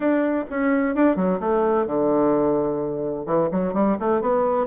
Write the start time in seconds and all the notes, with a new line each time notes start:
0.00 D4
0.49 C#4
0.95 D4
1.15 F#3
1.40 A3
1.86 D3
3.26 E3
3.51 F#3
3.73 G3
3.99 A3
4.21 B3